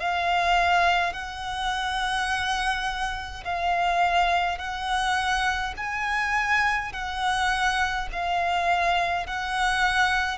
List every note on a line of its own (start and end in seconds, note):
0.00 1.13 F5
1.13 3.44 F#5
3.45 4.58 F5
4.58 5.74 F#5
5.77 6.92 G#5
6.93 8.08 F#5
8.12 9.27 F5
9.27 10.38 F#5